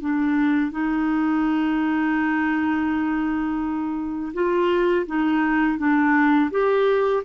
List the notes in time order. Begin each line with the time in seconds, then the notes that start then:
0.00 D4
0.71 D#4
4.33 F4
5.06 D#4
5.78 D4
6.51 G4